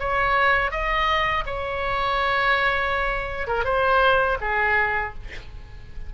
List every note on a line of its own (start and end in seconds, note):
0.00 0.72 C#5
0.72 1.45 D#5
1.46 3.48 C#5
3.48 3.65 A#4
3.65 4.38 C5
4.41 5.14 G#4